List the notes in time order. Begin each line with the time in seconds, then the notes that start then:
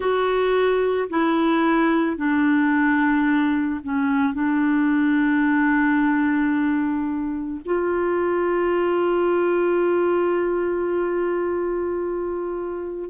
0.00 F#4
1.09 E4
2.17 D4
3.83 C#4
4.33 D4
7.65 F4